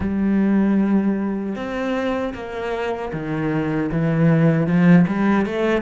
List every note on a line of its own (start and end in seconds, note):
0.00 1.55 G3
1.55 2.33 C4
2.34 3.12 A#3
3.12 3.90 D#3
3.91 4.66 E3
4.66 5.05 F3
5.07 5.45 G3
5.45 5.81 A3